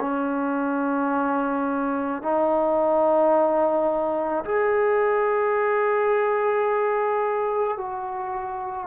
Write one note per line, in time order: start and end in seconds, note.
0.00 2.22 C#4
2.22 4.44 D#4
4.44 7.77 G#4
7.77 8.86 F#4